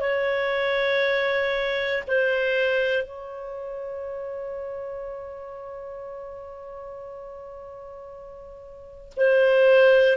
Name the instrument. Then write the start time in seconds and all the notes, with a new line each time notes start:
clarinet
0.00 C#5
2.07 C5
3.03 C#5
9.16 C5